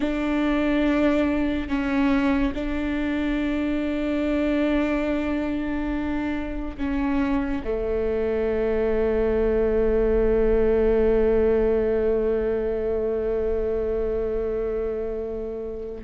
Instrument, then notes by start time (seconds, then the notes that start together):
viola
0.00 D4
1.68 C#4
2.54 D4
6.77 C#4
7.64 A3